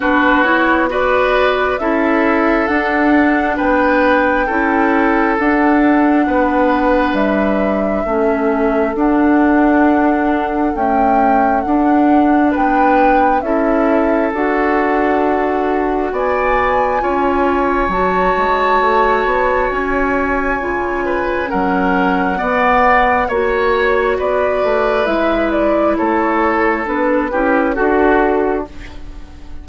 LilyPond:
<<
  \new Staff \with { instrumentName = "flute" } { \time 4/4 \tempo 4 = 67 b'8 cis''8 d''4 e''4 fis''4 | g''2 fis''2 | e''2 fis''2 | g''4 fis''4 g''4 e''4 |
fis''2 gis''2 | a''2 gis''2 | fis''2 cis''4 d''4 | e''8 d''8 cis''4 b'4 a'4 | }
  \new Staff \with { instrumentName = "oboe" } { \time 4/4 fis'4 b'4 a'2 | b'4 a'2 b'4~ | b'4 a'2.~ | a'2 b'4 a'4~ |
a'2 d''4 cis''4~ | cis''2.~ cis''8 b'8 | ais'4 d''4 cis''4 b'4~ | b'4 a'4. g'8 fis'4 | }
  \new Staff \with { instrumentName = "clarinet" } { \time 4/4 d'8 e'8 fis'4 e'4 d'4~ | d'4 e'4 d'2~ | d'4 cis'4 d'2 | a4 d'2 e'4 |
fis'2. f'4 | fis'2. f'4 | cis'4 b4 fis'2 | e'2 d'8 e'8 fis'4 | }
  \new Staff \with { instrumentName = "bassoon" } { \time 4/4 b2 cis'4 d'4 | b4 cis'4 d'4 b4 | g4 a4 d'2 | cis'4 d'4 b4 cis'4 |
d'2 b4 cis'4 | fis8 gis8 a8 b8 cis'4 cis4 | fis4 b4 ais4 b8 a8 | gis4 a4 b8 cis'8 d'4 | }
>>